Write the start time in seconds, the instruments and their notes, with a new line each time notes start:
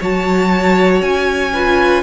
0.00 cello F#3, viola F#4, violin C#5 A5
1.01 cello C#4, violin G#5
1.53 viola F4, violin B4